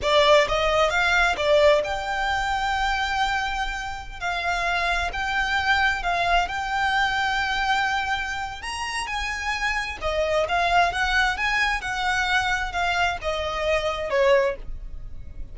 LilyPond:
\new Staff \with { instrumentName = "violin" } { \time 4/4 \tempo 4 = 132 d''4 dis''4 f''4 d''4 | g''1~ | g''4~ g''16 f''2 g''8.~ | g''4~ g''16 f''4 g''4.~ g''16~ |
g''2. ais''4 | gis''2 dis''4 f''4 | fis''4 gis''4 fis''2 | f''4 dis''2 cis''4 | }